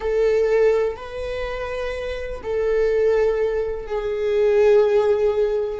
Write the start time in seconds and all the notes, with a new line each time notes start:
0.00 A4
0.96 B4
2.42 A4
3.87 G#4